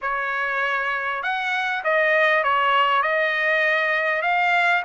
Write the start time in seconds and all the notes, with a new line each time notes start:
0.01 C#5
1.22 F#5
1.83 D#5
2.43 C#5
3.02 D#5
4.22 F5